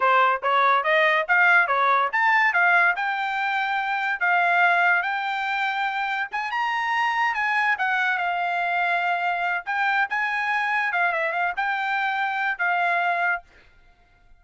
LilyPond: \new Staff \with { instrumentName = "trumpet" } { \time 4/4 \tempo 4 = 143 c''4 cis''4 dis''4 f''4 | cis''4 a''4 f''4 g''4~ | g''2 f''2 | g''2. gis''8 ais''8~ |
ais''4. gis''4 fis''4 f''8~ | f''2. g''4 | gis''2 f''8 e''8 f''8 g''8~ | g''2 f''2 | }